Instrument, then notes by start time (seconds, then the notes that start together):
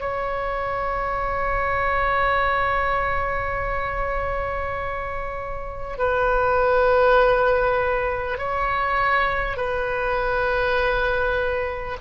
oboe
0.00 C#5
5.98 B4
8.38 C#5
9.57 B4